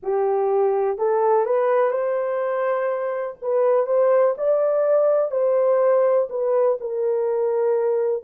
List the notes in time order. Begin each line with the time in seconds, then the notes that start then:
0.02 G4
0.98 A4
1.45 B4
1.90 C5
3.41 B4
3.86 C5
4.37 D5
5.30 C5
6.29 B4
6.80 A#4